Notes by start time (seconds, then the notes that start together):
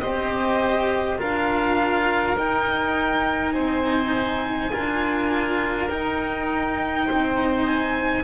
0.00 C4 G4 C5 D#5
1.18 D4 F4 A#4 F5
2.37 D#4 G5
3.52 C4 C5 G#5
4.71 D4 F4 A#4
5.89 D#4 G5
7.05 C4 C5
7.67 G#5